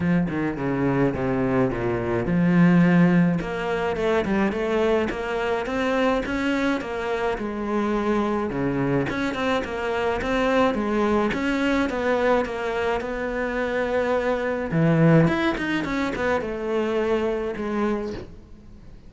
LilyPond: \new Staff \with { instrumentName = "cello" } { \time 4/4 \tempo 4 = 106 f8 dis8 cis4 c4 ais,4 | f2 ais4 a8 g8 | a4 ais4 c'4 cis'4 | ais4 gis2 cis4 |
cis'8 c'8 ais4 c'4 gis4 | cis'4 b4 ais4 b4~ | b2 e4 e'8 dis'8 | cis'8 b8 a2 gis4 | }